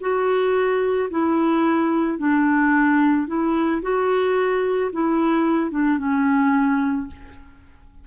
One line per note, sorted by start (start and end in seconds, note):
0.00 1.09 F#4
1.10 2.18 E4
2.18 3.27 D4
3.27 3.81 E4
3.82 4.91 F#4
4.92 5.71 E4
5.71 5.98 D4
5.98 7.07 C#4